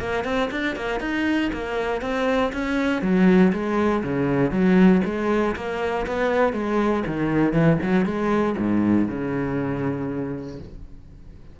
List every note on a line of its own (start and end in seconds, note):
0.00 0.25 A#3
0.25 0.50 C4
0.52 0.76 D4
0.76 1.01 A#3
1.01 1.51 D#4
1.54 2.02 A#3
2.02 2.53 C4
2.53 3.02 C#4
3.02 3.52 F#3
3.53 4.04 G#3
4.04 4.51 C#3
4.51 5.02 F#3
5.06 5.56 G#3
5.56 6.07 A#3
6.07 6.53 B3
6.53 7.04 G#3
7.07 7.54 D#3
7.54 7.79 E3
7.83 8.06 F#3
8.06 8.56 G#3
8.58 9.08 G#2
9.08 10.60 C#3